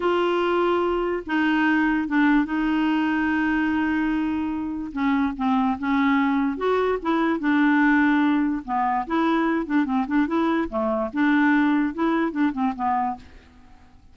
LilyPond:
\new Staff \with { instrumentName = "clarinet" } { \time 4/4 \tempo 4 = 146 f'2. dis'4~ | dis'4 d'4 dis'2~ | dis'1 | cis'4 c'4 cis'2 |
fis'4 e'4 d'2~ | d'4 b4 e'4. d'8 | c'8 d'8 e'4 a4 d'4~ | d'4 e'4 d'8 c'8 b4 | }